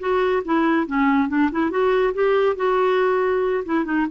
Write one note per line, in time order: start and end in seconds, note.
0.00 0.43 F#4
0.45 0.87 E4
0.87 1.29 C#4
1.29 1.50 D4
1.52 1.71 E4
1.71 2.14 F#4
2.15 2.56 G4
2.56 3.64 F#4
3.66 3.85 E4
3.85 4.07 D#4